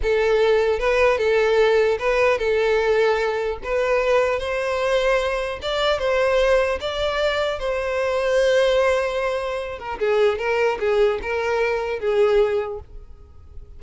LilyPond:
\new Staff \with { instrumentName = "violin" } { \time 4/4 \tempo 4 = 150 a'2 b'4 a'4~ | a'4 b'4 a'2~ | a'4 b'2 c''4~ | c''2 d''4 c''4~ |
c''4 d''2 c''4~ | c''1~ | c''8 ais'8 gis'4 ais'4 gis'4 | ais'2 gis'2 | }